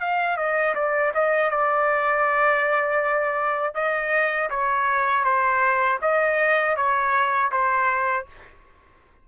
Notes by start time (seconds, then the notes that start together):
0.00 F5
0.37 D#5
0.75 D5
1.15 D#5
1.51 D5
3.75 D#5
4.50 C#5
5.25 C5
6.02 D#5
6.77 C#5
7.52 C5